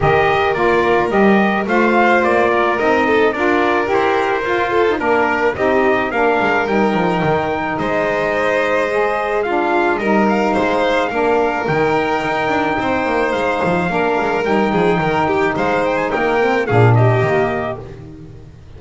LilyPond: <<
  \new Staff \with { instrumentName = "trumpet" } { \time 4/4 \tempo 4 = 108 dis''4 d''4 dis''4 f''4 | d''4 dis''4 d''4 c''4~ | c''4 ais'4 dis''4 f''4 | g''2 dis''2~ |
dis''4 f''4 dis''8 f''4.~ | f''4 g''2. | f''2 g''2 | f''8 g''16 gis''16 g''4 f''8 dis''4. | }
  \new Staff \with { instrumentName = "violin" } { \time 4/4 ais'2. c''4~ | c''8 ais'4 a'8 ais'2~ | ais'8 a'8 ais'4 g'4 ais'4~ | ais'2 c''2~ |
c''4 f'4 ais'4 c''4 | ais'2. c''4~ | c''4 ais'4. gis'8 ais'8 g'8 | c''4 ais'4 gis'8 g'4. | }
  \new Staff \with { instrumentName = "saxophone" } { \time 4/4 g'4 f'4 g'4 f'4~ | f'4 dis'4 f'4 g'4 | f'8. dis'16 d'4 dis'4 d'4 | dis'1 |
gis'4 d'4 dis'2 | d'4 dis'2.~ | dis'4 d'4 dis'2~ | dis'4. c'8 d'4 ais4 | }
  \new Staff \with { instrumentName = "double bass" } { \time 4/4 dis4 ais4 g4 a4 | ais4 c'4 d'4 e'4 | f'4 ais4 c'4 ais8 gis8 | g8 f8 dis4 gis2~ |
gis2 g4 gis4 | ais4 dis4 dis'8 d'8 c'8 ais8 | gis8 f8 ais8 gis8 g8 f8 dis4 | gis4 ais4 ais,4 dis4 | }
>>